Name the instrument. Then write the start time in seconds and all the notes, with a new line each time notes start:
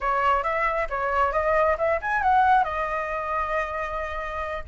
flute
0.01 C#5
0.43 E5
0.89 C#5
1.32 D#5
1.78 E5
2.01 G#5
2.22 F#5
2.64 D#5